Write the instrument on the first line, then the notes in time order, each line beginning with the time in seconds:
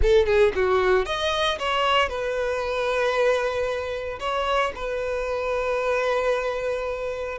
violin
0.01 A4
0.26 G#4
0.55 F#4
1.05 D#5
1.58 C#5
2.08 B4
4.19 C#5
4.75 B4